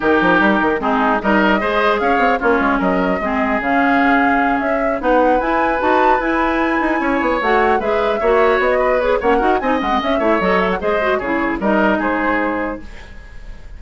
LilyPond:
<<
  \new Staff \with { instrumentName = "flute" } { \time 4/4 \tempo 4 = 150 ais'2 gis'4 dis''4~ | dis''4 f''4 cis''4 dis''4~ | dis''4 f''2~ f''8 e''8~ | e''8 fis''4 gis''4 a''4 gis''8~ |
gis''2~ gis''8 fis''4 e''8~ | e''4. dis''4 cis''8 fis''4 | gis''8 fis''8 e''4 dis''8 e''16 fis''16 dis''4 | cis''4 dis''4 c''2 | }
  \new Staff \with { instrumentName = "oboe" } { \time 4/4 g'2 dis'4 ais'4 | c''4 cis''4 f'4 ais'4 | gis'1~ | gis'8 b'2.~ b'8~ |
b'4. cis''2 b'8~ | b'8 cis''4. b'4 cis''8 ais'8 | dis''4. cis''4. c''4 | gis'4 ais'4 gis'2 | }
  \new Staff \with { instrumentName = "clarinet" } { \time 4/4 dis'2 c'4 dis'4 | gis'2 cis'2 | c'4 cis'2.~ | cis'8 dis'4 e'4 fis'4 e'8~ |
e'2~ e'8 fis'4 gis'8~ | gis'8 fis'2 gis'8 cis'8 fis'8 | dis'8 cis'16 c'16 cis'8 e'8 a'4 gis'8 fis'8 | e'4 dis'2. | }
  \new Staff \with { instrumentName = "bassoon" } { \time 4/4 dis8 f8 g8 dis8 gis4 g4 | gis4 cis'8 c'8 ais8 gis8 fis4 | gis4 cis2~ cis8 cis'8~ | cis'8 b4 e'4 dis'4 e'8~ |
e'4 dis'8 cis'8 b8 a4 gis8~ | gis8 ais4 b4. ais8 dis'8 | c'8 gis8 cis'8 a8 fis4 gis4 | cis4 g4 gis2 | }
>>